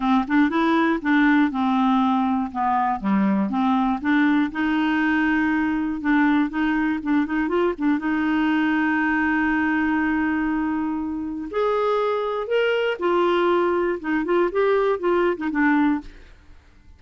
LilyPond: \new Staff \with { instrumentName = "clarinet" } { \time 4/4 \tempo 4 = 120 c'8 d'8 e'4 d'4 c'4~ | c'4 b4 g4 c'4 | d'4 dis'2. | d'4 dis'4 d'8 dis'8 f'8 d'8 |
dis'1~ | dis'2. gis'4~ | gis'4 ais'4 f'2 | dis'8 f'8 g'4 f'8. dis'16 d'4 | }